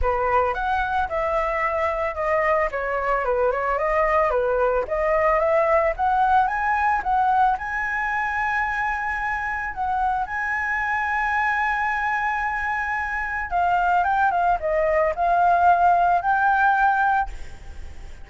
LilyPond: \new Staff \with { instrumentName = "flute" } { \time 4/4 \tempo 4 = 111 b'4 fis''4 e''2 | dis''4 cis''4 b'8 cis''8 dis''4 | b'4 dis''4 e''4 fis''4 | gis''4 fis''4 gis''2~ |
gis''2 fis''4 gis''4~ | gis''1~ | gis''4 f''4 g''8 f''8 dis''4 | f''2 g''2 | }